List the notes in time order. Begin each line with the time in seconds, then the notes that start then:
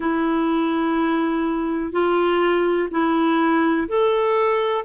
0.00 E4
1.92 F4
2.90 E4
3.88 A4